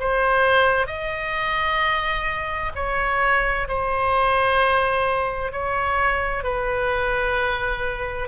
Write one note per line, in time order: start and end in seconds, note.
0.00 0.87 C5
0.87 2.72 D#5
2.76 3.68 C#5
3.68 5.53 C5
5.53 6.44 C#5
6.44 8.29 B4